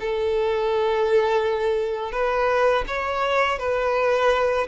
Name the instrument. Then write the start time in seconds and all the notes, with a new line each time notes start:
violin
0.00 A4
2.12 B4
2.87 C#5
3.58 B4